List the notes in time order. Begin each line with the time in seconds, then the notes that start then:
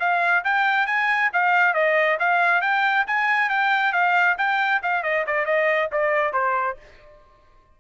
0.00 F5
0.44 G5
0.87 G#5
1.33 F5
1.74 D#5
2.20 F5
2.62 G5
3.07 G#5
3.50 G5
3.93 F5
4.38 G5
4.83 F5
5.03 D#5
5.27 D5
5.46 D#5
5.92 D5
6.33 C5